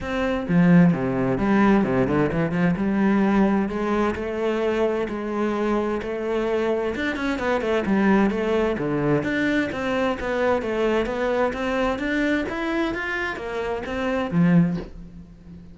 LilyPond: \new Staff \with { instrumentName = "cello" } { \time 4/4 \tempo 4 = 130 c'4 f4 c4 g4 | c8 d8 e8 f8 g2 | gis4 a2 gis4~ | gis4 a2 d'8 cis'8 |
b8 a8 g4 a4 d4 | d'4 c'4 b4 a4 | b4 c'4 d'4 e'4 | f'4 ais4 c'4 f4 | }